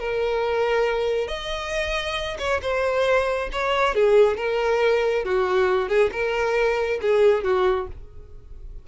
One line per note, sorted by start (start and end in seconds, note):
0.00 1.28 A#4
1.28 2.38 D#5
2.39 2.61 C#5
2.62 3.50 C5
3.53 3.95 C#5
3.95 4.38 G#4
4.38 5.25 A#4
5.25 5.89 F#4
5.89 6.11 G#4
6.13 7.00 A#4
7.02 7.44 G#4
7.44 7.88 F#4